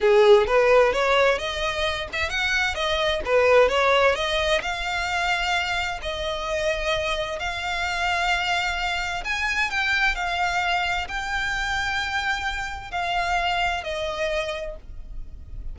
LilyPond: \new Staff \with { instrumentName = "violin" } { \time 4/4 \tempo 4 = 130 gis'4 b'4 cis''4 dis''4~ | dis''8 e''8 fis''4 dis''4 b'4 | cis''4 dis''4 f''2~ | f''4 dis''2. |
f''1 | gis''4 g''4 f''2 | g''1 | f''2 dis''2 | }